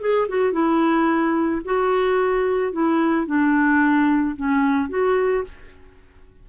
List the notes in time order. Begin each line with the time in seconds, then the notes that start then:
0.00 G#4
0.28 F#4
0.52 E4
1.64 F#4
2.72 E4
3.26 D4
4.36 C#4
4.89 F#4